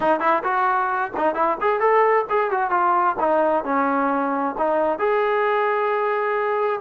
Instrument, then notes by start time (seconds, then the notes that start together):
trombone
0.00 D#4
0.20 E4
0.43 F#4
1.16 D#4
1.35 E4
1.60 G#4
1.80 A4
2.29 G#4
2.50 F#4
2.70 F4
3.19 D#4
3.64 C#4
4.58 D#4
4.98 G#4